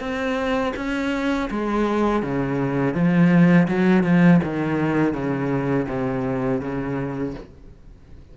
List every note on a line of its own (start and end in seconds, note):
0.00 0.73 C4
0.76 1.50 C#4
1.51 2.23 G#3
2.23 2.94 C#3
2.94 3.68 F3
3.68 4.04 F#3
4.04 4.40 F3
4.43 5.14 D#3
5.14 5.87 C#3
5.88 6.61 C3
6.61 7.34 C#3